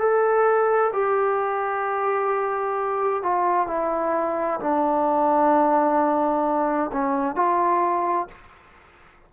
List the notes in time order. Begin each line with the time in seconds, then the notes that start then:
0.00 A4
0.94 G4
3.23 F4
3.68 E4
4.60 D4
6.93 C#4
7.36 F4